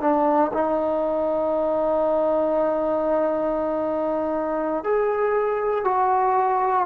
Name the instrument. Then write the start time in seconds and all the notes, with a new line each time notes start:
trombone
0.00 D4
0.53 D#4
4.83 G#4
5.84 F#4